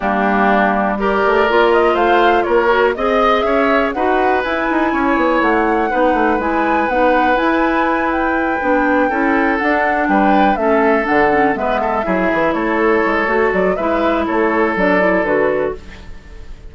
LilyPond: <<
  \new Staff \with { instrumentName = "flute" } { \time 4/4 \tempo 4 = 122 g'2 d''4. dis''8 | f''4 cis''4 dis''4 e''4 | fis''4 gis''2 fis''4~ | fis''4 gis''4 fis''4 gis''4~ |
gis''8 g''2. fis''8~ | fis''8 g''4 e''4 fis''4 e''8~ | e''4. cis''2 d''8 | e''4 cis''4 d''4 b'4 | }
  \new Staff \with { instrumentName = "oboe" } { \time 4/4 d'2 ais'2 | c''4 ais'4 dis''4 cis''4 | b'2 cis''2 | b'1~ |
b'2~ b'8 a'4.~ | a'8 b'4 a'2 b'8 | a'8 gis'4 a'2~ a'8 | b'4 a'2. | }
  \new Staff \with { instrumentName = "clarinet" } { \time 4/4 ais2 g'4 f'4~ | f'4. fis'8 gis'2 | fis'4 e'2. | dis'4 e'4 dis'4 e'4~ |
e'4. d'4 e'4 d'8~ | d'4. cis'4 d'8 cis'8 b8~ | b8 e'2~ e'8 fis'4 | e'2 d'8 e'8 fis'4 | }
  \new Staff \with { instrumentName = "bassoon" } { \time 4/4 g2~ g8 a8 ais4 | a4 ais4 c'4 cis'4 | dis'4 e'8 dis'8 cis'8 b8 a4 | b8 a8 gis4 b4 e'4~ |
e'4. b4 cis'4 d'8~ | d'8 g4 a4 d4 gis8~ | gis8 fis8 e8 a4 gis8 a8 fis8 | gis4 a4 fis4 d4 | }
>>